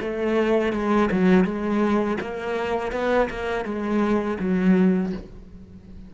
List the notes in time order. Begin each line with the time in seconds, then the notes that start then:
0.00 A3
0.73 G#3
1.11 F#3
1.44 G#3
2.21 A#3
2.92 B3
3.30 A#3
3.64 G#3
4.39 F#3